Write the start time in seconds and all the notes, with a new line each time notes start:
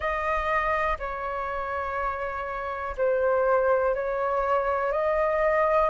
0.00 D#5
0.98 C#5
2.97 C5
3.94 C#5
4.92 D#5